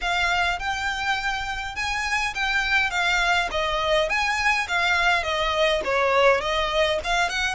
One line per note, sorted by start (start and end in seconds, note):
0.01 0.59 F5
0.59 1.75 G5
1.75 2.34 G#5
2.34 2.90 G5
2.90 3.48 F5
3.51 4.09 D#5
4.09 4.67 G#5
4.68 5.23 F5
5.23 5.81 D#5
5.84 6.41 C#5
6.41 6.99 D#5
7.04 7.29 F5
7.29 7.54 F#5